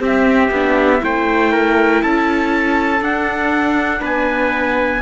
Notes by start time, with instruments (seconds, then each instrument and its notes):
0.00 viola C4, cello C4, trumpet G4
0.06 trumpet E5
0.52 cello B3, viola D4
1.00 cello A3, viola E4, trumpet C5 G5
1.52 trumpet A#4
2.03 cello C#4, trumpet A4 A5
3.01 cello D4, viola D4, trumpet F#5
4.01 cello B3, trumpet B4 G#5